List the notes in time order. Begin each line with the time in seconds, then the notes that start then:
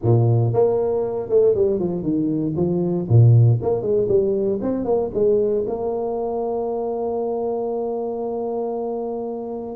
0.02 A#2
0.53 A#3
1.29 A3
1.54 G3
1.79 F3
2.03 D#3
2.56 F3
3.08 A#2
3.62 A#3
3.81 G#3
4.08 G3
4.61 C4
4.84 A#3
5.14 G#3
5.67 A#3